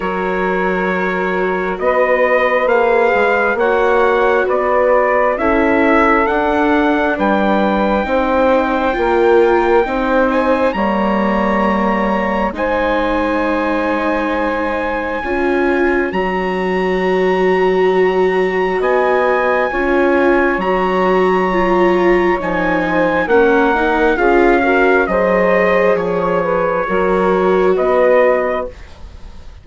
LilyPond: <<
  \new Staff \with { instrumentName = "trumpet" } { \time 4/4 \tempo 4 = 67 cis''2 dis''4 f''4 | fis''4 d''4 e''4 fis''4 | g''2.~ g''8 gis''8 | ais''2 gis''2~ |
gis''2 ais''2~ | ais''4 gis''2 ais''4~ | ais''4 gis''4 fis''4 f''4 | dis''4 cis''2 dis''4 | }
  \new Staff \with { instrumentName = "saxophone" } { \time 4/4 ais'2 b'2 | cis''4 b'4 a'2 | b'4 c''4 ais'4 c''4 | cis''2 c''2~ |
c''4 cis''2.~ | cis''4 dis''4 cis''2~ | cis''4. c''8 ais'4 gis'8 ais'8 | c''4 cis''8 b'8 ais'4 b'4 | }
  \new Staff \with { instrumentName = "viola" } { \time 4/4 fis'2. gis'4 | fis'2 e'4 d'4~ | d'4 dis'4 f'4 dis'4 | ais2 dis'2~ |
dis'4 f'4 fis'2~ | fis'2 f'4 fis'4 | f'4 dis'4 cis'8 dis'8 f'8 fis'8 | gis'2 fis'2 | }
  \new Staff \with { instrumentName = "bassoon" } { \time 4/4 fis2 b4 ais8 gis8 | ais4 b4 cis'4 d'4 | g4 c'4 ais4 c'4 | g2 gis2~ |
gis4 cis'4 fis2~ | fis4 b4 cis'4 fis4~ | fis4 f4 ais4 cis'4 | fis4 f4 fis4 b4 | }
>>